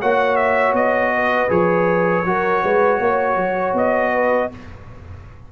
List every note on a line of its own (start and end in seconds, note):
0.00 0.73 A#3
0.00 1.48 F#4
0.00 1.12 C#5
0.00 0.36 F#5
0.36 0.73 E5
0.73 1.48 B3
0.73 1.51 D#5
1.15 2.27 B4
1.48 2.25 F3
1.48 2.23 G#4
1.48 3.76 C#5
2.25 2.62 F#3
2.25 4.51 F#4
2.25 2.63 A#4
2.63 3.00 G#3
2.63 3.00 B4
3.00 3.36 A#3
3.00 4.13 C#5
3.36 3.73 F#3
3.73 4.48 B3
3.73 4.52 D#5
4.13 4.51 B4